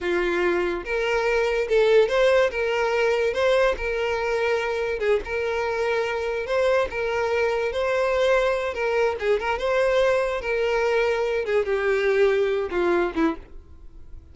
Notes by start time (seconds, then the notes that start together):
0.00 F4
0.84 A#4
1.68 A4
2.08 C5
2.51 A#4
3.33 C5
3.77 A#4
4.99 G#4
5.24 A#4
6.46 C5
6.90 A#4
7.72 C5
8.74 A#4
9.19 G#4
9.39 A#4
9.58 C5
10.41 A#4
11.45 G#4
11.65 G4
12.70 F4
13.15 E4